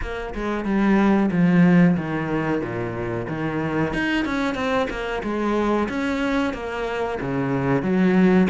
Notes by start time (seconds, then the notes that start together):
0.01 A#3
0.34 G#3
0.64 G3
1.31 F3
1.96 D#3
2.61 A#2
3.28 D#3
3.93 D#4
4.25 C#4
4.54 C4
4.89 A#3
5.23 G#3
5.88 C#4
6.53 A#3
7.20 C#3
7.82 F#3